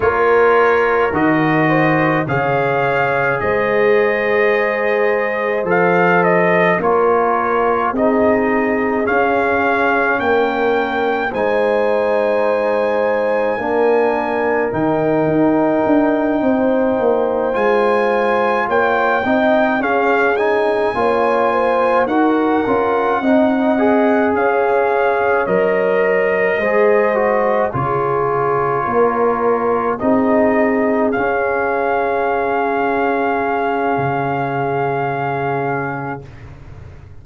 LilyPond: <<
  \new Staff \with { instrumentName = "trumpet" } { \time 4/4 \tempo 4 = 53 cis''4 dis''4 f''4 dis''4~ | dis''4 f''8 dis''8 cis''4 dis''4 | f''4 g''4 gis''2~ | gis''4 g''2~ g''8 gis''8~ |
gis''8 g''4 f''8 gis''4. fis''8~ | fis''4. f''4 dis''4.~ | dis''8 cis''2 dis''4 f''8~ | f''1 | }
  \new Staff \with { instrumentName = "horn" } { \time 4/4 ais'4. c''8 cis''4 c''4~ | c''2 ais'4 gis'4~ | gis'4 ais'4 c''2 | ais'2~ ais'8 c''4.~ |
c''8 cis''8 dis''8 gis'4 cis''8 c''8 ais'8~ | ais'8 dis''4 cis''2 c''8~ | c''8 gis'4 ais'4 gis'4.~ | gis'1 | }
  \new Staff \with { instrumentName = "trombone" } { \time 4/4 f'4 fis'4 gis'2~ | gis'4 a'4 f'4 dis'4 | cis'2 dis'2 | d'4 dis'2~ dis'8 f'8~ |
f'4 dis'8 cis'8 dis'8 f'4 fis'8 | f'8 dis'8 gis'4. ais'4 gis'8 | fis'8 f'2 dis'4 cis'8~ | cis'1 | }
  \new Staff \with { instrumentName = "tuba" } { \time 4/4 ais4 dis4 cis4 gis4~ | gis4 f4 ais4 c'4 | cis'4 ais4 gis2 | ais4 dis8 dis'8 d'8 c'8 ais8 gis8~ |
gis8 ais8 c'8 cis'4 ais4 dis'8 | cis'8 c'4 cis'4 fis4 gis8~ | gis8 cis4 ais4 c'4 cis'8~ | cis'2 cis2 | }
>>